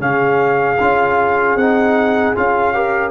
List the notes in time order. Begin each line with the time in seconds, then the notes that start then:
0.00 C#3 C#4 G#4 F5
0.81 C#4 F4
1.56 C4 D#4 F#5
2.36 C#4 F4 F5
2.75 G4 A#4